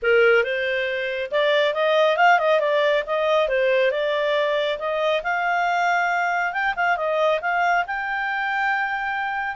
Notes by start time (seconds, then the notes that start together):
0.02 A#4
0.43 C5
1.31 D5
1.74 D#5
2.17 F5
2.39 D#5
2.60 D5
3.06 D#5
3.48 C5
3.91 D5
4.78 D#5
5.23 F5
6.52 G5
6.75 F5
6.96 D#5
7.41 F5
7.87 G5